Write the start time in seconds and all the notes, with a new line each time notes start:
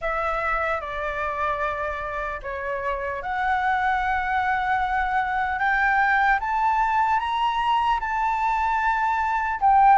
0.01 E5
0.80 D5
2.42 C#5
3.22 F#5
5.58 G5
6.40 A5
7.19 A#5
8.00 A5
9.60 G5